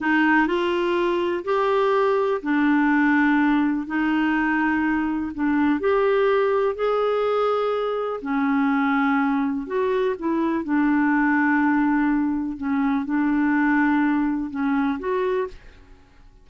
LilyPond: \new Staff \with { instrumentName = "clarinet" } { \time 4/4 \tempo 4 = 124 dis'4 f'2 g'4~ | g'4 d'2. | dis'2. d'4 | g'2 gis'2~ |
gis'4 cis'2. | fis'4 e'4 d'2~ | d'2 cis'4 d'4~ | d'2 cis'4 fis'4 | }